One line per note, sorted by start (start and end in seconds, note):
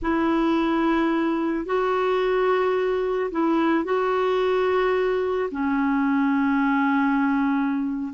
0.02 1.65 E4
1.65 3.30 F#4
3.31 3.84 E4
3.84 5.49 F#4
5.51 8.12 C#4